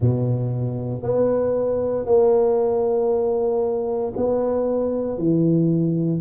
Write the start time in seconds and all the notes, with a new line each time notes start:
0.00 B2
1.03 B3
2.05 A#3
4.16 B3
5.17 E3